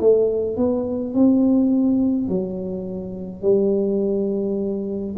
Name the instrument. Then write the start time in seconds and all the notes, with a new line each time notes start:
tuba
0.00 A3
0.57 B3
1.14 C4
2.28 F#3
3.42 G3